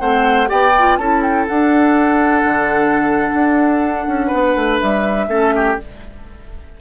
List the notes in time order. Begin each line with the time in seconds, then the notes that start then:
0.00 A3 C4 C5 F#5
0.47 B3 G4 D5 G5
0.79 F4
0.97 C#4 E4 A4 A5
1.23 G5
1.48 D4 F#5
2.45 D3
3.34 D4
4.08 C#4
4.27 B3 B4
4.56 A3
4.80 G3 E5
5.28 A3 C#4 A4
5.56 G4